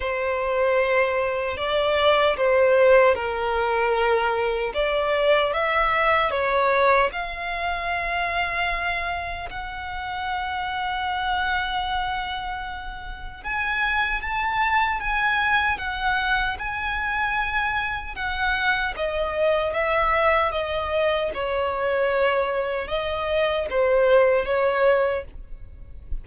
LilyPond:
\new Staff \with { instrumentName = "violin" } { \time 4/4 \tempo 4 = 76 c''2 d''4 c''4 | ais'2 d''4 e''4 | cis''4 f''2. | fis''1~ |
fis''4 gis''4 a''4 gis''4 | fis''4 gis''2 fis''4 | dis''4 e''4 dis''4 cis''4~ | cis''4 dis''4 c''4 cis''4 | }